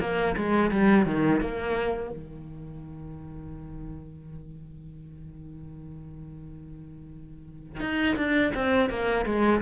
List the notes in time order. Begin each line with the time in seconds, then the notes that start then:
0.00 A#3
0.36 G#3
0.71 G3
1.06 D#3
1.41 A#3
2.10 D#3
7.80 D#4
8.17 D4
8.55 C4
8.90 A#3
9.25 G#3